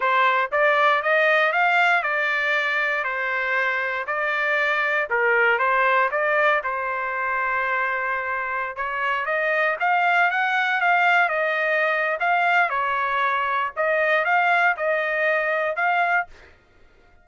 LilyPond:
\new Staff \with { instrumentName = "trumpet" } { \time 4/4 \tempo 4 = 118 c''4 d''4 dis''4 f''4 | d''2 c''2 | d''2 ais'4 c''4 | d''4 c''2.~ |
c''4~ c''16 cis''4 dis''4 f''8.~ | f''16 fis''4 f''4 dis''4.~ dis''16 | f''4 cis''2 dis''4 | f''4 dis''2 f''4 | }